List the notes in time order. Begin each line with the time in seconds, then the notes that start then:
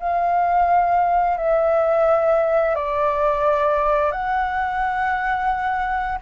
0.00 F5
1.38 E5
2.76 D5
4.12 F#5